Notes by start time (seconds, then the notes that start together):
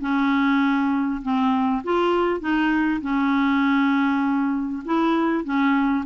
0.00 C#4
1.22 C4
1.83 F4
2.40 D#4
3.01 C#4
4.85 E4
5.44 C#4